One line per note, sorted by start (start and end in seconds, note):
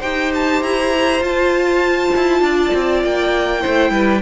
0.00 0.62 D#4
0.00 1.22 G4
0.00 2.40 C5
0.00 0.32 G5
0.35 0.63 A5
0.62 1.20 E4
0.62 1.23 A#5
1.20 2.10 F4
1.20 3.60 F4
1.20 3.05 A5
2.16 2.42 E4
2.42 2.72 D4
2.42 3.62 D5
2.75 3.04 C4
3.04 3.64 A#3
3.04 4.22 G5
3.60 4.20 E4
3.60 3.92 C5
3.67 3.91 A3
3.91 4.21 G3
3.91 4.22 B4